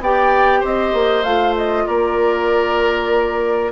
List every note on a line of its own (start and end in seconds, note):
0.00 0.62 B3
0.00 1.24 G4
0.00 0.60 D5
0.00 0.65 G5
0.60 0.93 C4
0.60 1.84 C5
0.60 1.23 D#5
0.93 1.24 A#3
1.23 1.85 A3
1.23 3.72 F4
1.23 1.54 F5
1.57 1.86 D#5
1.86 3.72 A#3
1.86 3.72 A#4
1.86 3.72 D5